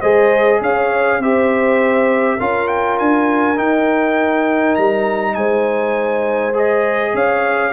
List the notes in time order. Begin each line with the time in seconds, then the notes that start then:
0.00 G#3 G#4 C5 D#5
0.61 C#4 C#5 F5
1.19 C4 G4 C5 E5
2.36 C#4 F4 A#4 F5
2.67 G5
2.98 D4 G#5
3.56 D#4 G5
4.75 G3 A#5
5.34 G#3 C5 G#5
6.54 G#4 D#5
7.14 C#4 C#5 F5